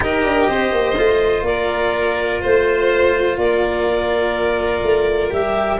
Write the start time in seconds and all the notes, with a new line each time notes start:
0.00 D#4 G4 A#4 D#5
0.23 D4
0.49 C4 C5
0.71 A#3
0.97 A3 F4
1.41 A#3 A#4 D5
2.41 A3 C5
3.37 A#3 A#4 D5
4.82 A3
5.30 G3 G4 E5